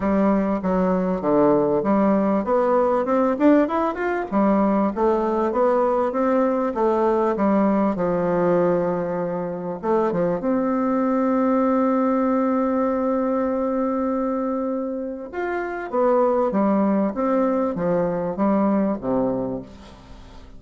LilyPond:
\new Staff \with { instrumentName = "bassoon" } { \time 4/4 \tempo 4 = 98 g4 fis4 d4 g4 | b4 c'8 d'8 e'8 f'8 g4 | a4 b4 c'4 a4 | g4 f2. |
a8 f8 c'2.~ | c'1~ | c'4 f'4 b4 g4 | c'4 f4 g4 c4 | }